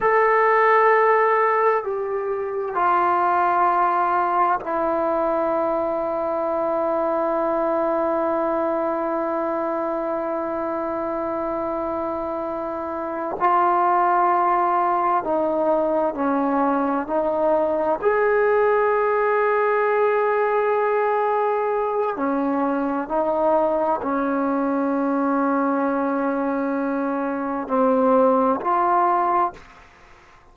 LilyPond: \new Staff \with { instrumentName = "trombone" } { \time 4/4 \tempo 4 = 65 a'2 g'4 f'4~ | f'4 e'2.~ | e'1~ | e'2~ e'8 f'4.~ |
f'8 dis'4 cis'4 dis'4 gis'8~ | gis'1 | cis'4 dis'4 cis'2~ | cis'2 c'4 f'4 | }